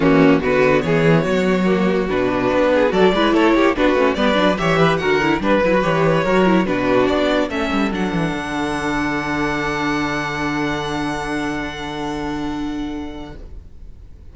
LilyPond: <<
  \new Staff \with { instrumentName = "violin" } { \time 4/4 \tempo 4 = 144 fis'4 b'4 cis''2~ | cis''4 b'2 d''4 | cis''4 b'4 d''4 e''4 | fis''4 b'4 cis''2 |
b'4 d''4 e''4 fis''4~ | fis''1~ | fis''1~ | fis''1 | }
  \new Staff \with { instrumentName = "violin" } { \time 4/4 cis'4 fis'4 gis'4 fis'4~ | fis'2~ fis'8 gis'8 a'8 b'8 | a'8 g'8 fis'4 b'4 cis''8 b'8 | ais'4 b'2 ais'4 |
fis'2 a'2~ | a'1~ | a'1~ | a'1 | }
  \new Staff \with { instrumentName = "viola" } { \time 4/4 ais4 b2. | ais4 d'2 fis'8 e'8~ | e'4 d'8 cis'8 b8 d'8 g'4 | fis'8 e'8 d'8 e'16 fis'16 g'4 fis'8 e'8 |
d'2 cis'4 d'4~ | d'1~ | d'1~ | d'1 | }
  \new Staff \with { instrumentName = "cello" } { \time 4/4 e4 d4 e4 fis4~ | fis4 b,4 b4 fis8 gis8 | a8 ais8 b8 a8 g8 fis8 e4 | d4 g8 fis8 e4 fis4 |
b,4 b4 a8 g8 fis8 e8 | d1~ | d1~ | d1 | }
>>